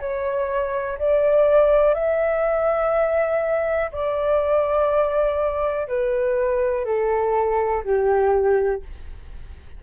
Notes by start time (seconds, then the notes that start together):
0.00 C#5
0.99 D5
1.94 E5
3.92 D5
5.88 B4
6.85 A4
7.84 G4